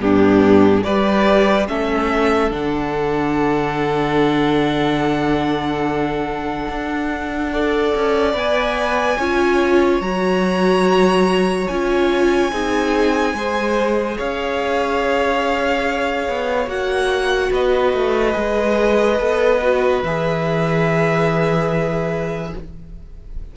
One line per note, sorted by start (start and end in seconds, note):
0.00 0.84 G2
0.00 0.83 B3
0.00 0.84 D4
0.00 0.84 G4
0.84 1.69 G3
0.84 1.68 G4
0.84 1.68 B4
0.84 1.67 D5
1.68 2.51 A3
1.68 2.50 C#4
1.68 7.53 A4
1.68 2.52 E5
2.50 6.68 D3
2.50 7.50 D4
2.50 8.36 F#5
6.69 7.94 D4
7.53 8.33 A4
7.53 9.18 D5
7.95 8.34 C#4
8.33 9.18 B3
8.33 9.17 B4
8.33 10.02 G#5
9.18 10.01 C#4
9.18 10.02 F4
9.18 12.52 C#5
10.01 11.68 F#3
10.01 11.69 F#4
10.01 11.68 A#5
11.68 12.52 C#4
11.68 12.52 F4
11.68 14.18 G#5
12.52 13.34 C4
12.52 13.35 D#4
12.52 13.35 G#4
13.34 14.17 G#3
13.34 16.68 G#4
13.34 14.18 C5
14.18 16.28 C#4
14.18 17.51 C#5
14.18 16.69 F5
16.28 16.67 B3
16.67 17.50 A#3
16.67 18.33 F#4
16.67 17.52 F#5
17.51 17.93 B3
17.51 22.51 B4
17.51 20.04 D#5
17.93 18.35 A3
18.33 19.20 G#3
18.33 19.16 G#4
19.18 20.03 B3
19.18 19.60 A4
19.62 20.04 F#4
20.03 22.53 E3
20.03 22.57 G#4
20.03 22.54 E5